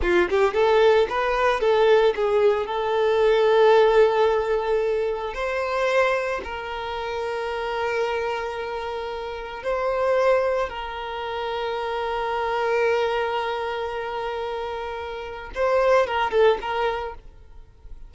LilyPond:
\new Staff \with { instrumentName = "violin" } { \time 4/4 \tempo 4 = 112 f'8 g'8 a'4 b'4 a'4 | gis'4 a'2.~ | a'2 c''2 | ais'1~ |
ais'2 c''2 | ais'1~ | ais'1~ | ais'4 c''4 ais'8 a'8 ais'4 | }